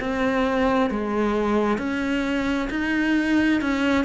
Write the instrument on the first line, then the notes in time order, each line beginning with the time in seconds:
cello
0.00 C4
0.90 G#3
1.78 C#4
2.70 D#4
3.61 C#4